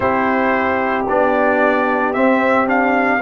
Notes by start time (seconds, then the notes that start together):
0.00 C4 E4 G4 C5
1.08 B3 D4 D5
2.13 C4 E5
2.66 D4 F5